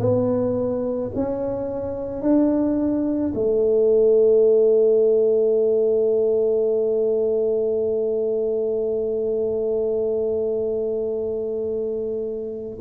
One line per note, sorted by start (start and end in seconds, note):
0.00 1.11 B3
1.15 2.22 C#4
2.22 3.33 D4
3.34 12.79 A3